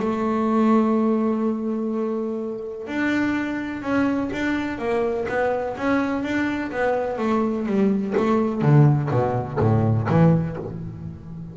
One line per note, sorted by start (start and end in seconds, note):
0.00 2.88 A3
2.88 3.82 D4
3.82 4.30 C#4
4.33 4.79 D4
4.79 5.27 A#3
5.29 5.77 B3
5.78 6.24 C#4
6.24 6.72 D4
6.72 7.19 B3
7.19 7.66 A3
7.66 8.14 G3
8.18 8.62 A3
8.62 9.10 D3
9.11 9.59 B2
9.60 10.08 A2
10.09 10.57 E3